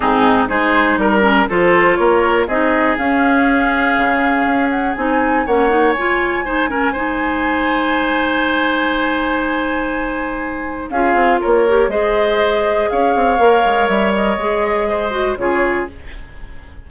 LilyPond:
<<
  \new Staff \with { instrumentName = "flute" } { \time 4/4 \tempo 4 = 121 gis'4 c''4 ais'4 c''4 | cis''4 dis''4 f''2~ | f''4. fis''8 gis''4 fis''4 | gis''1~ |
gis''1~ | gis''2 f''4 cis''4 | dis''2 f''2 | e''8 dis''2~ dis''8 cis''4 | }
  \new Staff \with { instrumentName = "oboe" } { \time 4/4 dis'4 gis'4 ais'4 a'4 | ais'4 gis'2.~ | gis'2. cis''4~ | cis''4 c''8 ais'8 c''2~ |
c''1~ | c''2 gis'4 ais'4 | c''2 cis''2~ | cis''2 c''4 gis'4 | }
  \new Staff \with { instrumentName = "clarinet" } { \time 4/4 c'4 dis'4. cis'8 f'4~ | f'4 dis'4 cis'2~ | cis'2 dis'4 cis'8 dis'8 | f'4 dis'8 cis'8 dis'2~ |
dis'1~ | dis'2 f'4. g'8 | gis'2. ais'4~ | ais'4 gis'4. fis'8 f'4 | }
  \new Staff \with { instrumentName = "bassoon" } { \time 4/4 gis,4 gis4 g4 f4 | ais4 c'4 cis'2 | cis4 cis'4 c'4 ais4 | gis1~ |
gis1~ | gis2 cis'8 c'8 ais4 | gis2 cis'8 c'8 ais8 gis8 | g4 gis2 cis4 | }
>>